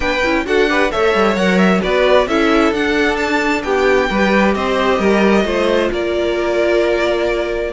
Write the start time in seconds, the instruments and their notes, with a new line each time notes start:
0.00 cello B3, viola D4, violin B4 G5
0.23 cello C#4, viola E4
0.46 cello D4, viola F#4, violin A4 F#5
0.67 viola G4, violin B4
0.91 cello A3, viola A4, violin C#5 E5
1.14 cello G3
1.35 cello F#3, viola A#4, violin F#5
1.58 violin E5
1.81 cello B3, viola F#4, violin B4 D5
2.27 cello C#4, viola E4, violin A4 E5
2.72 cello D4, viola D4, violin F#5
3.16 violin A5
3.63 cello B3, violin G4 G5
4.09 cello G3, viola G4, violin B4
4.54 cello C4, violin C5 D#5
4.98 cello G3, violin A#4
5.44 cello A3, viola F4, violin C5
5.91 cello A#3, violin A#4 D5